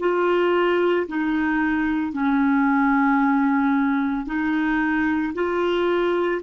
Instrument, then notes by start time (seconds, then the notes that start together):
clarinet
0.00 F4
1.08 D#4
2.13 C#4
4.26 D#4
5.34 F4